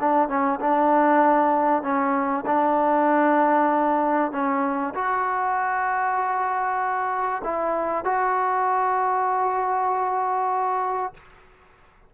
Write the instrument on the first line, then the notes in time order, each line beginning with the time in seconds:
trombone
0.00 D4
0.29 C#4
0.61 D4
1.83 C#4
2.47 D4
4.32 C#4
4.95 F#4
7.44 E4
8.05 F#4